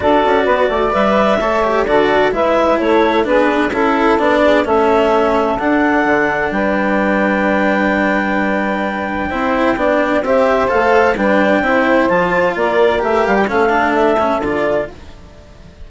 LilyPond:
<<
  \new Staff \with { instrumentName = "clarinet" } { \time 4/4 \tempo 4 = 129 d''2 e''2 | d''4 e''4 cis''4 b'4 | a'4 d''4 e''2 | fis''2 g''2~ |
g''1~ | g''2 e''4 f''4 | g''2 a''4 d''4 | e''8 f''16 g''16 f''4 e''4 d''4 | }
  \new Staff \with { instrumentName = "saxophone" } { \time 4/4 a'4 b'8 d''4. cis''4 | a'4 b'4 a'4 gis'4 | a'4. gis'8 a'2~ | a'2 b'2~ |
b'1 | c''4 d''4 c''2 | b'4 c''2 ais'4~ | ais'4 a'2. | }
  \new Staff \with { instrumentName = "cello" } { \time 4/4 fis'2 b'4 a'8 g'8 | fis'4 e'2 d'4 | e'4 d'4 cis'2 | d'1~ |
d'1 | e'4 d'4 g'4 a'4 | d'4 e'4 f'2 | g'4 cis'8 d'4 cis'8 f'4 | }
  \new Staff \with { instrumentName = "bassoon" } { \time 4/4 d'8 cis'8 b8 a8 g4 a4 | d4 gis4 a4 b4 | cis'4 b4 a2 | d'4 d4 g2~ |
g1 | c'4 b4 c'4 a4 | g4 c'4 f4 ais4 | a8 g8 a2 d4 | }
>>